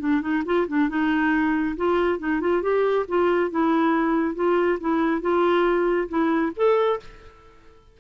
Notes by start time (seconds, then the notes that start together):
0.00 D4
0.22 D#4
0.46 F4
0.68 D4
0.89 D#4
1.77 F4
2.19 D#4
2.41 F4
2.62 G4
3.08 F4
3.51 E4
4.35 F4
4.80 E4
5.22 F4
6.09 E4
6.57 A4